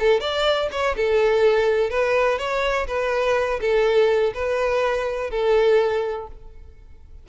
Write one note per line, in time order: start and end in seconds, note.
0.00 0.21 A4
0.21 0.69 D5
0.72 0.96 C#5
0.97 1.90 A4
1.90 2.39 B4
2.39 2.87 C#5
2.87 3.60 B4
3.61 4.34 A4
4.34 5.31 B4
5.31 6.27 A4